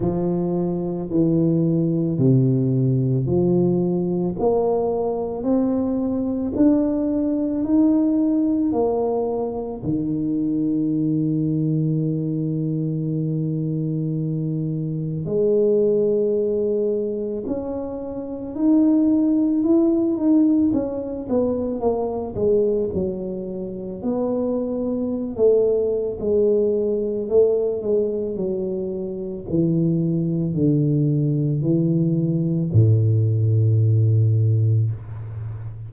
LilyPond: \new Staff \with { instrumentName = "tuba" } { \time 4/4 \tempo 4 = 55 f4 e4 c4 f4 | ais4 c'4 d'4 dis'4 | ais4 dis2.~ | dis2 gis2 |
cis'4 dis'4 e'8 dis'8 cis'8 b8 | ais8 gis8 fis4 b4~ b16 a8. | gis4 a8 gis8 fis4 e4 | d4 e4 a,2 | }